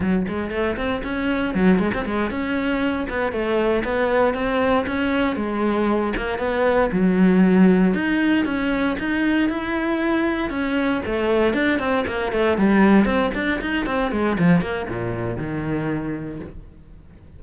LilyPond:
\new Staff \with { instrumentName = "cello" } { \time 4/4 \tempo 4 = 117 fis8 gis8 a8 c'8 cis'4 fis8 gis16 c'16 | gis8 cis'4. b8 a4 b8~ | b8 c'4 cis'4 gis4. | ais8 b4 fis2 dis'8~ |
dis'8 cis'4 dis'4 e'4.~ | e'8 cis'4 a4 d'8 c'8 ais8 | a8 g4 c'8 d'8 dis'8 c'8 gis8 | f8 ais8 ais,4 dis2 | }